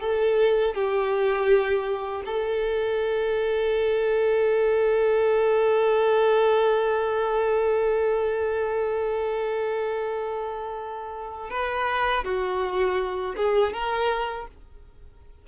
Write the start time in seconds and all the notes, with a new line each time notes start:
0.00 A4
0.74 G4
2.25 A4
11.50 B4
12.24 F#4
13.36 G#4
13.73 A#4